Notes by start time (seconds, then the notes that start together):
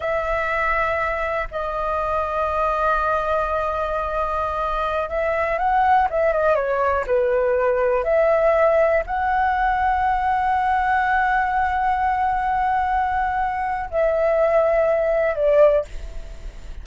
0.00 E5
1.51 D#5
5.09 E5
5.58 F#5
6.09 E5
6.32 D#5
6.55 C#5
7.06 B4
8.04 E5
9.06 F#5
13.90 E5
15.35 D5